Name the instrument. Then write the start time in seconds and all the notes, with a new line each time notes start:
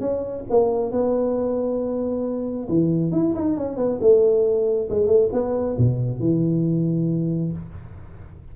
tuba
0.00 C#4
0.50 A#3
0.91 B3
2.69 E3
3.12 E4
3.35 D#4
3.57 C#4
3.77 B3
4.01 A3
4.90 G#3
5.07 A3
5.33 B3
5.78 B2
6.20 E3